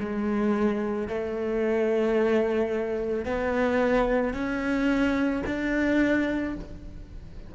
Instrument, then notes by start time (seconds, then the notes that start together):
cello
0.00 G#3
1.08 A3
3.25 B3
4.34 C#4
5.46 D4